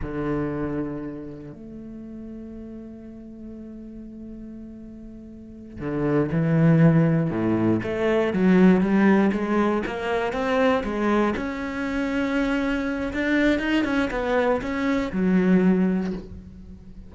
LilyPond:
\new Staff \with { instrumentName = "cello" } { \time 4/4 \tempo 4 = 119 d2. a4~ | a1~ | a2.~ a8 d8~ | d8 e2 a,4 a8~ |
a8 fis4 g4 gis4 ais8~ | ais8 c'4 gis4 cis'4.~ | cis'2 d'4 dis'8 cis'8 | b4 cis'4 fis2 | }